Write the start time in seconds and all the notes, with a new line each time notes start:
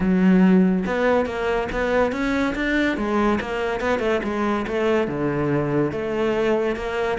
0.00 F#3
0.86 B3
1.26 A#3
1.72 B3
2.12 C#4
2.55 D4
2.97 G#3
3.41 A#3
3.80 B3
3.99 A3
4.23 G#3
4.67 A3
5.07 D3
5.91 A3
6.75 A#3